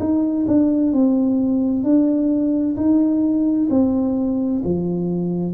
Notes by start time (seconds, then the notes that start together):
0.00 D#4
0.47 D4
0.93 C4
1.84 D4
2.77 D#4
3.70 C4
4.64 F3